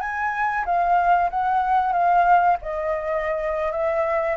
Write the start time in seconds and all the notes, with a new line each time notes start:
0.00 G#5
0.65 F5
1.30 F#5
1.93 F5
2.62 D#5
3.72 E5